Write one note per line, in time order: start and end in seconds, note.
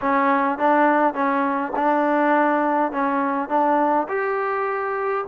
0.01 0.58 C#4
0.58 1.14 D4
1.14 1.72 C#4
1.76 2.92 D4
2.92 3.48 C#4
3.48 4.07 D4
4.08 5.25 G4